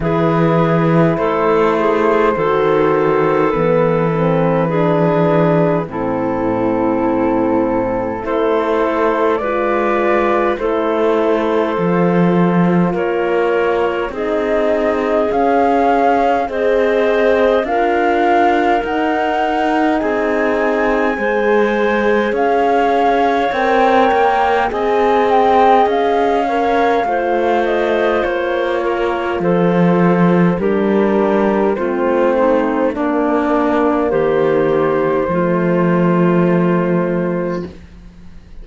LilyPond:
<<
  \new Staff \with { instrumentName = "flute" } { \time 4/4 \tempo 4 = 51 b'4 c''2 b'4~ | b'4 a'2 c''4 | d''4 c''2 cis''4 | dis''4 f''4 dis''4 f''4 |
fis''4 gis''2 f''4 | g''4 gis''8 g''8 f''4. dis''8 | cis''4 c''4 ais'4 c''4 | d''4 c''2. | }
  \new Staff \with { instrumentName = "clarinet" } { \time 4/4 gis'4 a'8 gis'8 a'2 | gis'4 e'2 a'4 | b'4 a'2 ais'4 | gis'2 c''4 ais'4~ |
ais'4 gis'4 c''4 cis''4~ | cis''4 dis''4. cis''8 c''4~ | c''8 ais'8 a'4 g'4 f'8 dis'8 | d'4 g'4 f'2 | }
  \new Staff \with { instrumentName = "horn" } { \time 4/4 e'2 fis'4 b8 c'8 | d'4 c'2 e'4 | f'4 e'4 f'2 | dis'4 cis'4 gis'4 f'4 |
dis'2 gis'2 | ais'4 gis'4. ais'8 f'4~ | f'2 d'4 c'4 | ais2 a2 | }
  \new Staff \with { instrumentName = "cello" } { \time 4/4 e4 a4 dis4 e4~ | e4 a,2 a4 | gis4 a4 f4 ais4 | c'4 cis'4 c'4 d'4 |
dis'4 c'4 gis4 cis'4 | c'8 ais8 c'4 cis'4 a4 | ais4 f4 g4 a4 | ais4 dis4 f2 | }
>>